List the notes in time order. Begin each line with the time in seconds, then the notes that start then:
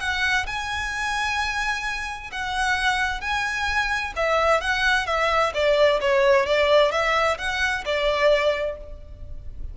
0.00 F#5
0.47 G#5
2.32 F#5
3.21 G#5
4.16 E5
4.61 F#5
5.07 E5
5.54 D5
6.01 C#5
6.46 D5
6.92 E5
7.38 F#5
7.85 D5